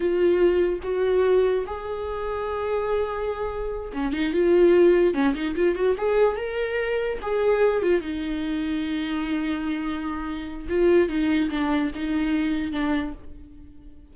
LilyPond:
\new Staff \with { instrumentName = "viola" } { \time 4/4 \tempo 4 = 146 f'2 fis'2 | gis'1~ | gis'4. cis'8 dis'8 f'4.~ | f'8 cis'8 dis'8 f'8 fis'8 gis'4 ais'8~ |
ais'4. gis'4. f'8 dis'8~ | dis'1~ | dis'2 f'4 dis'4 | d'4 dis'2 d'4 | }